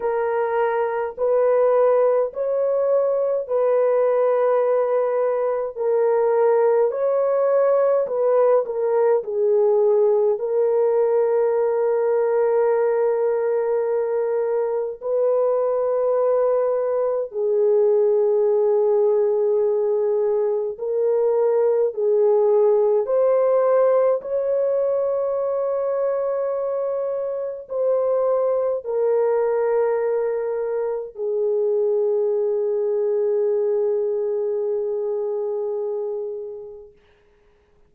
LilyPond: \new Staff \with { instrumentName = "horn" } { \time 4/4 \tempo 4 = 52 ais'4 b'4 cis''4 b'4~ | b'4 ais'4 cis''4 b'8 ais'8 | gis'4 ais'2.~ | ais'4 b'2 gis'4~ |
gis'2 ais'4 gis'4 | c''4 cis''2. | c''4 ais'2 gis'4~ | gis'1 | }